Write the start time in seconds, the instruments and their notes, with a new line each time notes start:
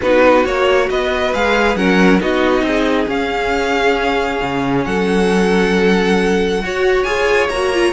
0.01 cello B3, viola D#4, violin F#4 B4
0.45 cello A#3, viola F#4, violin C#5
0.90 cello B3, violin B4 D#5
1.33 cello G#3, viola G#4, violin F5
1.75 cello F#3, viola C#4, violin A#4 F#5
2.20 cello B3, viola D#4, violin F#4 D#5
2.61 cello C4, violin G#4
3.07 viola C#4, cello C#4, violin F5
4.42 cello C#3
4.84 cello F#3, violin A4 F#5
6.62 cello F#4, viola F#4, violin C#5
7.03 cello F4, viola G#4, violin G#5
7.49 cello A#3, viola F#4, violin A#5
7.73 viola F4